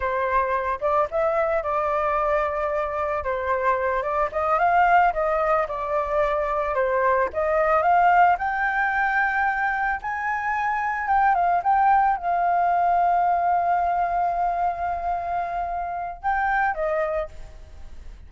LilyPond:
\new Staff \with { instrumentName = "flute" } { \time 4/4 \tempo 4 = 111 c''4. d''8 e''4 d''4~ | d''2 c''4. d''8 | dis''8 f''4 dis''4 d''4.~ | d''8 c''4 dis''4 f''4 g''8~ |
g''2~ g''8 gis''4.~ | gis''8 g''8 f''8 g''4 f''4.~ | f''1~ | f''2 g''4 dis''4 | }